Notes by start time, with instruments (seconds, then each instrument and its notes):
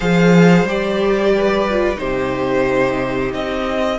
0.00 cello F3, viola G#4, violin C5 F5
0.63 cello G3, viola G4, violin D5
1.36 violin B4
1.69 viola F4
1.95 cello C3, viola D#4, violin G4 C5
3.33 cello C4, violin D#5